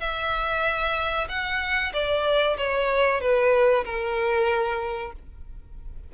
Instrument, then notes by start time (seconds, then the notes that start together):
violin
0.00 E5
1.29 F#5
1.93 D5
2.58 C#5
3.21 B4
3.85 A#4